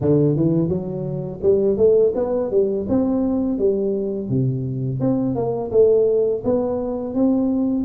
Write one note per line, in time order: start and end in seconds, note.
0.00 0.36 D3
0.36 0.68 E3
0.68 1.39 F#3
1.42 1.77 G3
1.77 2.12 A3
2.15 2.50 B3
2.50 2.86 G3
2.89 3.58 C4
3.58 4.29 G3
4.29 5.00 C3
5.00 5.35 C4
5.35 5.70 A#3
5.71 6.42 A3
6.44 7.14 B3
7.14 7.84 C4